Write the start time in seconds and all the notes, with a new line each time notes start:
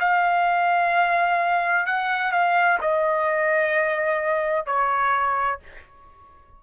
0.00 F5
1.87 F#5
2.32 F5
2.81 D#5
4.66 C#5